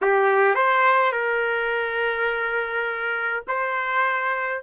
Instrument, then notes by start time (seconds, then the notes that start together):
trumpet
0.01 G4
0.55 C5
1.12 A#4
3.47 C5